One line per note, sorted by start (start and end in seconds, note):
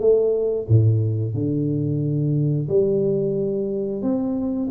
0.00 0.67 A3
0.68 1.34 A2
1.34 2.68 D3
2.69 4.02 G3
4.02 4.69 C4